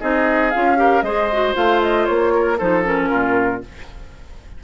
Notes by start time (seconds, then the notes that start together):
0.00 C4 D#4 G#4 D#5
0.51 C#4 F4 F5
0.77 G4 A#4
1.02 G#3 G#4 C5 D#5
1.32 F#4
1.54 A3 F4 F5
1.83 D#5
2.06 A#3 C#5
2.34 A#4
2.58 F3 D#4 A4 C5
2.84 C#4 A#4
3.10 A#2 F4